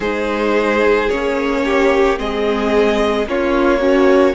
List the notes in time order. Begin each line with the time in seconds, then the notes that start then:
0.00 G#3 D#4 G#4 C5
1.09 A#3 C#4 C#5
1.64 G4
2.17 G#3 C4 G#4 D#5
3.26 A#3 C#4 F4 C#5
3.78 C#4 F#4